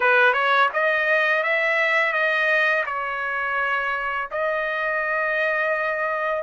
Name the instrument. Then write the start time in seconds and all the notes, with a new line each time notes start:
trumpet
0.00 B4
0.33 C#5
0.73 D#5
1.43 E5
2.12 D#5
2.86 C#5
4.31 D#5